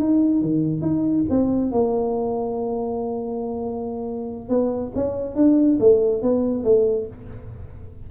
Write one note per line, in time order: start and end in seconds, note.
0.00 0.42 D#4
0.42 0.82 D#3
0.82 1.25 D#4
1.30 1.72 C4
1.72 4.50 A#3
4.50 4.92 B3
4.95 5.36 C#4
5.36 5.79 D4
5.80 6.23 A3
6.23 6.64 B3
6.64 7.07 A3